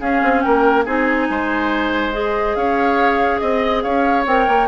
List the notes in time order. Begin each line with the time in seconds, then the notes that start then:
0.00 C#4 G#4 F5
0.23 C4
0.41 A#3 A#4 G5
0.84 C4 D#4 G#4 G#5
1.29 G#3 C5
2.12 G#4 D#5
2.55 C#4 C#5 F5
3.38 C4 D#5
3.82 C#4 C#5 F5
4.26 C4 A#4 G5
4.47 A#3